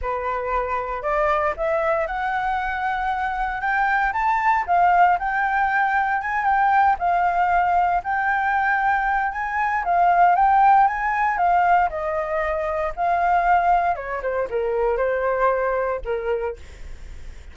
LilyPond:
\new Staff \with { instrumentName = "flute" } { \time 4/4 \tempo 4 = 116 b'2 d''4 e''4 | fis''2. g''4 | a''4 f''4 g''2 | gis''8 g''4 f''2 g''8~ |
g''2 gis''4 f''4 | g''4 gis''4 f''4 dis''4~ | dis''4 f''2 cis''8 c''8 | ais'4 c''2 ais'4 | }